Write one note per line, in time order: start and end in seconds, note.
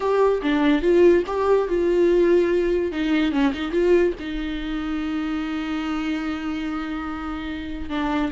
0.00 0.41 G4
0.42 0.81 D4
0.81 1.23 F4
1.26 1.68 G4
1.68 2.92 F4
2.92 3.32 D#4
3.32 3.52 C#4
3.53 3.71 D#4
3.71 4.13 F4
4.19 7.89 D#4
7.89 8.31 D4